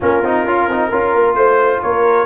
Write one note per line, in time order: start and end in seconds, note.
0.00 0.22 A#3
0.00 0.23 C#4
0.00 0.89 F4
0.00 1.34 A#4
0.22 0.44 C4
0.22 0.47 D#4
0.44 0.67 C#4
0.44 0.70 F4
0.67 0.90 C4
0.67 0.91 D#4
0.89 1.14 C#4
0.89 2.26 F4
0.89 1.35 A#4
1.14 1.35 A#3
1.34 1.80 A3
1.34 1.80 C5
1.34 1.82 C5
1.82 2.26 A#3
1.82 2.26 A#4
1.82 2.26 C#5